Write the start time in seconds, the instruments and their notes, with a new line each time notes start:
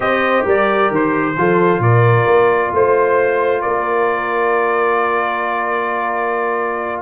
0.00 tuba C4, trombone G4, horn C5, trumpet D#5
0.45 tuba G3, horn A#4, trumpet D5
0.90 tuba D#3, trumpet C5
1.37 tuba F3, trombone F4, horn A4
1.79 tuba A#2, horn A#4, trumpet D5
2.26 tuba A#3
2.72 tuba A3, horn C5, trumpet C5
3.61 tuba A#3, horn A#4, trumpet D5